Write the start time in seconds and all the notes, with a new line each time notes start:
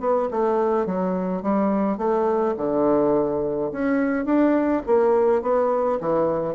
0.00 B3
0.31 A3
0.86 F#3
1.42 G3
1.97 A3
2.57 D3
3.72 C#4
4.25 D4
4.86 A#3
5.42 B3
6.00 E3